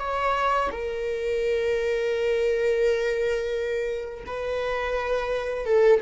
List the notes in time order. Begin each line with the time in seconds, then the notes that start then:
0.00 C#5
0.72 A#4
4.27 B4
5.66 A4